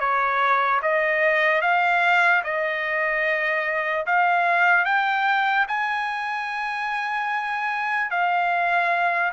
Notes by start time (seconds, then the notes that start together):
0.00 C#5
0.83 D#5
1.62 F5
2.44 D#5
4.06 F5
4.85 G5
5.68 G#5
8.11 F5